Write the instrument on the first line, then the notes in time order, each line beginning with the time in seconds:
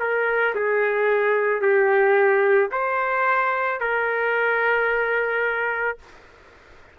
trumpet
0.00 A#4
0.56 G#4
1.62 G4
2.71 C5
3.80 A#4